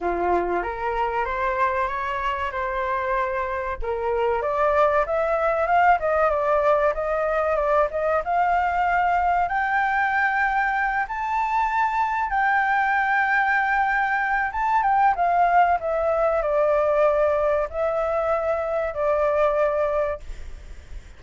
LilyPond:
\new Staff \with { instrumentName = "flute" } { \time 4/4 \tempo 4 = 95 f'4 ais'4 c''4 cis''4 | c''2 ais'4 d''4 | e''4 f''8 dis''8 d''4 dis''4 | d''8 dis''8 f''2 g''4~ |
g''4. a''2 g''8~ | g''2. a''8 g''8 | f''4 e''4 d''2 | e''2 d''2 | }